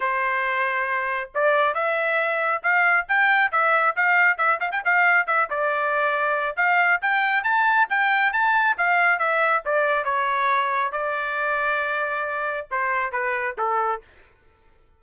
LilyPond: \new Staff \with { instrumentName = "trumpet" } { \time 4/4 \tempo 4 = 137 c''2. d''4 | e''2 f''4 g''4 | e''4 f''4 e''8 f''16 g''16 f''4 | e''8 d''2~ d''8 f''4 |
g''4 a''4 g''4 a''4 | f''4 e''4 d''4 cis''4~ | cis''4 d''2.~ | d''4 c''4 b'4 a'4 | }